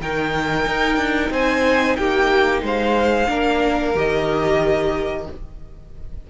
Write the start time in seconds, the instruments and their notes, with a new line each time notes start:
0.00 cello D#3, viola D#4, violin A#4 G5
0.66 cello D#4
0.96 cello D4
1.30 cello C4, violin C5 G#5
1.96 cello A#3, violin G4 G5
2.62 cello G#3, violin C5 F5
3.27 cello A#3, viola D4, violin A#4
3.94 cello D#3, viola G4, violin D#5